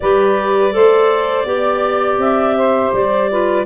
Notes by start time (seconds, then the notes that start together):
0.00 G3 G4 B4 D5
0.70 A3 A4 C5
1.45 B3 G4 D5
2.18 C4 E5
2.57 C5
2.93 G3 D5
3.29 F4 B4